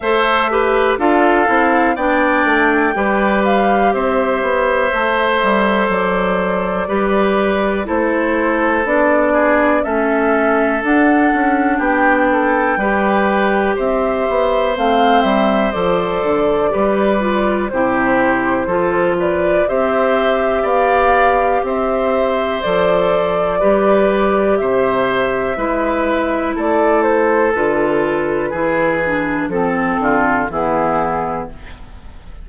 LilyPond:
<<
  \new Staff \with { instrumentName = "flute" } { \time 4/4 \tempo 4 = 61 e''4 f''4 g''4. f''8 | e''2 d''2 | c''4 d''4 e''4 fis''4 | g''2 e''4 f''8 e''8 |
d''2 c''4. d''8 | e''4 f''4 e''4 d''4~ | d''4 e''2 d''8 c''8 | b'2 a'4 gis'4 | }
  \new Staff \with { instrumentName = "oboe" } { \time 4/4 c''8 b'8 a'4 d''4 b'4 | c''2. b'4 | a'4. gis'8 a'2 | g'8 a'8 b'4 c''2~ |
c''4 b'4 g'4 a'8 b'8 | c''4 d''4 c''2 | b'4 c''4 b'4 a'4~ | a'4 gis'4 a'8 f'8 e'4 | }
  \new Staff \with { instrumentName = "clarinet" } { \time 4/4 a'8 g'8 f'8 e'8 d'4 g'4~ | g'4 a'2 g'4 | e'4 d'4 cis'4 d'4~ | d'4 g'2 c'4 |
a'4 g'8 f'8 e'4 f'4 | g'2. a'4 | g'2 e'2 | f'4 e'8 d'8 c'4 b4 | }
  \new Staff \with { instrumentName = "bassoon" } { \time 4/4 a4 d'8 c'8 b8 a8 g4 | c'8 b8 a8 g8 fis4 g4 | a4 b4 a4 d'8 cis'8 | b4 g4 c'8 b8 a8 g8 |
f8 d8 g4 c4 f4 | c'4 b4 c'4 f4 | g4 c4 gis4 a4 | d4 e4 f8 d8 e4 | }
>>